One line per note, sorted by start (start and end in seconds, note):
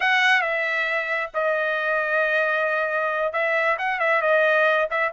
0.00 0.41 F#5
0.41 1.30 E5
1.34 3.32 D#5
3.32 3.77 E5
3.78 3.99 F#5
3.99 4.21 E5
4.21 4.88 D#5
4.90 5.12 E5